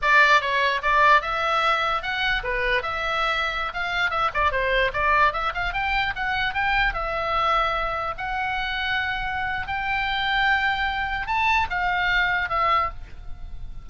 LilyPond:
\new Staff \with { instrumentName = "oboe" } { \time 4/4 \tempo 4 = 149 d''4 cis''4 d''4 e''4~ | e''4 fis''4 b'4 e''4~ | e''4~ e''16 f''4 e''8 d''8 c''8.~ | c''16 d''4 e''8 f''8 g''4 fis''8.~ |
fis''16 g''4 e''2~ e''8.~ | e''16 fis''2.~ fis''8. | g''1 | a''4 f''2 e''4 | }